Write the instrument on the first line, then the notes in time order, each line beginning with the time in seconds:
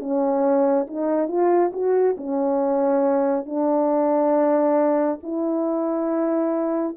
horn
0.00 C#4
0.87 D#4
1.28 F4
1.73 F#4
2.17 C#4
3.46 D4
5.23 E4